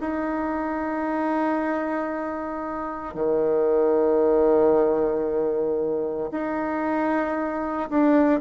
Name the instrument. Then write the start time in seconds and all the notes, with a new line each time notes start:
bassoon
0.00 D#4
3.14 D#3
6.31 D#4
7.90 D4